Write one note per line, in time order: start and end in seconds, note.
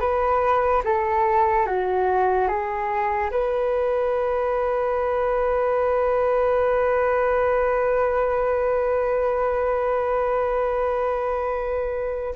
0.00 0.82 B4
0.84 1.66 A4
1.66 2.48 F#4
2.48 3.30 G#4
3.30 12.34 B4